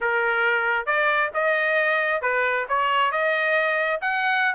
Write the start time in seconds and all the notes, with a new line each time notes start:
0.00 A#4
0.85 D5
1.34 D#5
2.21 B4
2.68 C#5
3.11 D#5
4.01 F#5